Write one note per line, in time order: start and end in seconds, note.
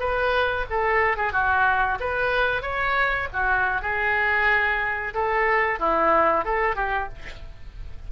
0.00 0.66 B4
0.70 1.17 A4
1.17 1.33 G#4
1.33 1.99 F#4
2.00 2.62 B4
2.62 3.28 C#5
3.33 3.82 F#4
3.82 5.14 G#4
5.14 5.79 A4
5.79 6.45 E4
6.45 6.76 A4
6.76 7.09 G4